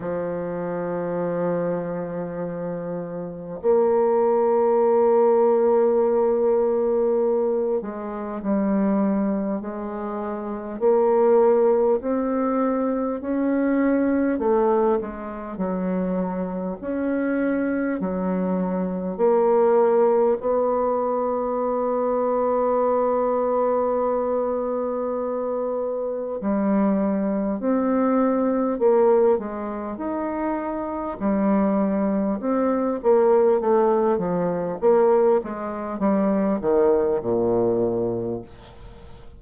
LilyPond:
\new Staff \with { instrumentName = "bassoon" } { \time 4/4 \tempo 4 = 50 f2. ais4~ | ais2~ ais8 gis8 g4 | gis4 ais4 c'4 cis'4 | a8 gis8 fis4 cis'4 fis4 |
ais4 b2.~ | b2 g4 c'4 | ais8 gis8 dis'4 g4 c'8 ais8 | a8 f8 ais8 gis8 g8 dis8 ais,4 | }